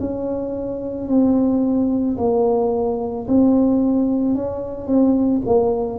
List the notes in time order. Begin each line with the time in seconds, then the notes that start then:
0.00 C#4
1.08 C4
2.17 A#3
3.28 C4
4.35 C#4
4.87 C4
5.45 A#3